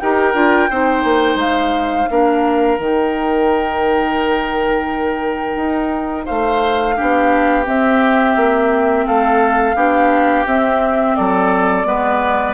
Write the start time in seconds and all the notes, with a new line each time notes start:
0.00 D#4 G4 A#4 G5
0.34 D4 F4
0.70 C4 D#4 C5
1.04 A#3
1.36 G#3 F5
2.09 A#3 D4 A#4
2.78 D#3 D#4 G5
5.56 D#4
6.26 A3 C5 F5
6.97 B3 D4 G4
7.65 C4 E5
8.37 A#3
9.07 A3 A4 F5
9.76 B3 D4 G4
10.46 C4 E5
11.16 F#3 A4 D5
11.85 G#3 B3 B4